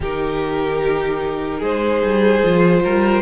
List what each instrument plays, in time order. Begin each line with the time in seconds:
0.00 cello D#3, viola D#4, violin G4 A#4
1.59 cello G#3, violin G#4 C5
2.02 cello G3
2.43 cello F3, viola F4
2.84 cello G3, violin A#4